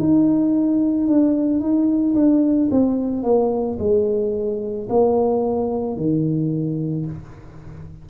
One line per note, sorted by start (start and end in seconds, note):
0.00 1.08 D#4
1.08 1.60 D4
1.60 2.15 D#4
2.15 2.70 D4
2.71 3.23 C4
3.23 3.78 A#3
3.79 4.88 G#3
4.89 5.97 A#3
5.97 7.06 D#3